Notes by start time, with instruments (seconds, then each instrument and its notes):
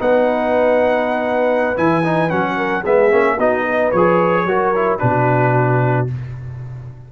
0.00 tuba B3, trombone D#4, horn B4, trumpet F#5
1.76 tuba E3, trombone E4, trumpet G#5
2.04 trombone D#4
2.29 tuba F#3, trombone C#4, trumpet F#5
2.56 horn A#4
2.81 tuba G#3, trombone B3, horn G#4, trumpet E5
3.11 tuba A#3, trombone C#4
3.37 tuba B3, trombone D#4, horn F#4, trumpet D#5
3.62 horn B4
3.91 tuba F3, trombone G#4, trumpet C#5
4.45 tuba F#3, trombone F#4, horn A#4
4.75 trombone E4
4.98 tuba B2, trombone D4, horn F#4, trumpet B4